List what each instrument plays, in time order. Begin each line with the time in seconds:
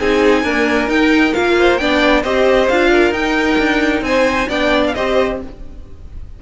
0.00 cello C4, viola D#4, violin G#4 G#5
0.43 viola A#3, cello D4, violin A#4
0.87 viola D#4, cello D#4, violin G5
1.34 cello A#3, viola F4, violin F5
1.59 violin C5
1.78 cello B3, viola D4, violin D5 G5
2.23 cello C4, viola G4, violin C5 D#5
2.69 cello D4, viola F4, violin F5
2.91 violin A#4
3.12 cello D#4, viola D#4, violin G5
3.58 cello D4
4.02 cello C4, violin C5 G#5
4.49 cello B3, viola D4, violin D5 G5
4.88 violin F5
4.95 cello C4, viola G4, violin C5 D#5